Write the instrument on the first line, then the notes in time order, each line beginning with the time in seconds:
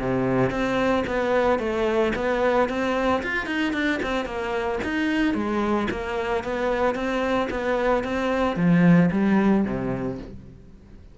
cello
0.00 C3
0.50 C4
1.07 B3
1.59 A3
2.16 B3
2.69 C4
3.23 F4
3.46 D#4
3.73 D4
4.03 C4
4.25 A#3
4.84 D#4
5.34 G#3
5.91 A#3
6.44 B3
6.95 C4
7.50 B3
8.04 C4
8.56 F3
9.11 G3
9.65 C3